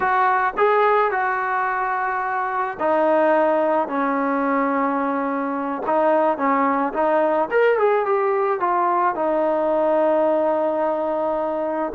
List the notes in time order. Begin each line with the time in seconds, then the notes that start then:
0.00 F#4
0.57 G#4
1.11 F#4
2.79 D#4
3.87 C#4
5.86 D#4
6.37 C#4
6.93 D#4
7.50 A#4
7.78 G#4
8.05 G4
8.60 F4
9.15 D#4